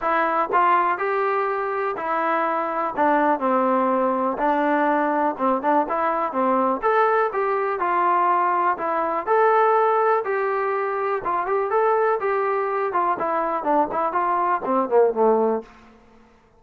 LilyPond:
\new Staff \with { instrumentName = "trombone" } { \time 4/4 \tempo 4 = 123 e'4 f'4 g'2 | e'2 d'4 c'4~ | c'4 d'2 c'8 d'8 | e'4 c'4 a'4 g'4 |
f'2 e'4 a'4~ | a'4 g'2 f'8 g'8 | a'4 g'4. f'8 e'4 | d'8 e'8 f'4 c'8 ais8 a4 | }